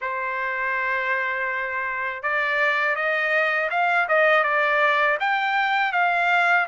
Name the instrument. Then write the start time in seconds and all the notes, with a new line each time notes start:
trumpet
0.01 C5
2.22 D5
2.95 D#5
3.70 F5
4.08 D#5
4.43 D5
5.20 G5
5.92 F5